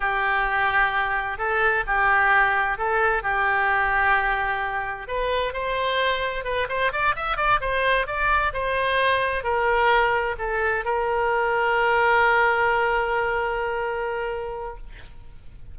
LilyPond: \new Staff \with { instrumentName = "oboe" } { \time 4/4 \tempo 4 = 130 g'2. a'4 | g'2 a'4 g'4~ | g'2. b'4 | c''2 b'8 c''8 d''8 e''8 |
d''8 c''4 d''4 c''4.~ | c''8 ais'2 a'4 ais'8~ | ais'1~ | ais'1 | }